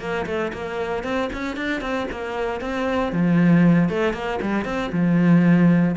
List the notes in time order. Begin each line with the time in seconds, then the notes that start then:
0.00 A#3
0.27 A3
0.53 A#3
1.04 C4
1.33 C#4
1.57 D4
1.82 C4
2.12 A#3
2.61 C4
3.13 F3
3.90 A3
4.14 A#3
4.42 G3
4.65 C4
4.93 F3